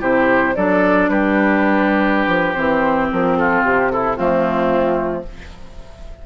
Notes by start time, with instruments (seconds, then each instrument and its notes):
0.00 bassoon C3, clarinet E4, oboe G4, flute C5
0.55 bassoon F#3, clarinet D4, oboe A4, flute D5
1.08 bassoon G3, oboe G4, flute B4
2.27 bassoon F3
2.53 bassoon E3, clarinet C4, flute C5
3.12 bassoon F3, flute A#4
3.36 oboe F4, flute A4
3.63 bassoon C3, flute G4
3.91 oboe E4, flute A4
4.16 bassoon F3, clarinet A3, oboe C4, flute F4